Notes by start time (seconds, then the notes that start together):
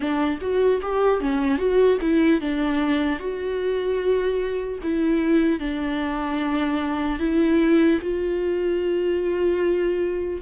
0.00 D4
0.41 F#4
0.82 G4
1.20 C#4
1.57 F#4
2.01 E4
2.40 D4
3.19 F#4
4.83 E4
5.59 D4
7.19 E4
8.01 F4